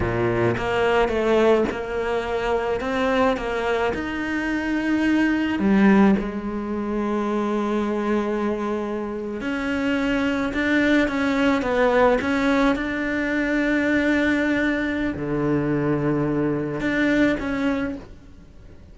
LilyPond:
\new Staff \with { instrumentName = "cello" } { \time 4/4 \tempo 4 = 107 ais,4 ais4 a4 ais4~ | ais4 c'4 ais4 dis'4~ | dis'2 g4 gis4~ | gis1~ |
gis8. cis'2 d'4 cis'16~ | cis'8. b4 cis'4 d'4~ d'16~ | d'2. d4~ | d2 d'4 cis'4 | }